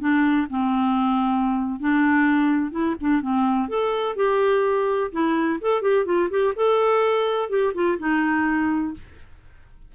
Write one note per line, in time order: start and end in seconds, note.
0.00 0.48 D4
0.50 1.80 C4
1.80 2.72 D4
2.72 2.95 E4
3.00 3.21 D4
3.21 3.68 C4
3.68 4.16 A4
4.16 5.11 G4
5.12 5.60 E4
5.61 5.82 A4
5.82 6.05 G4
6.05 6.29 F4
6.30 6.54 G4
6.56 7.49 A4
7.49 7.73 G4
7.74 7.98 F4
7.99 8.94 D#4